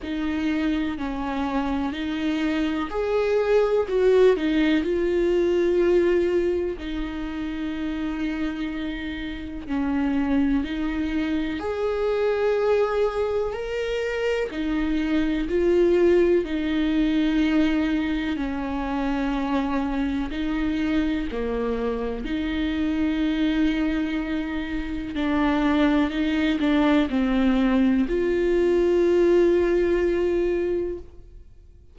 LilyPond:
\new Staff \with { instrumentName = "viola" } { \time 4/4 \tempo 4 = 62 dis'4 cis'4 dis'4 gis'4 | fis'8 dis'8 f'2 dis'4~ | dis'2 cis'4 dis'4 | gis'2 ais'4 dis'4 |
f'4 dis'2 cis'4~ | cis'4 dis'4 ais4 dis'4~ | dis'2 d'4 dis'8 d'8 | c'4 f'2. | }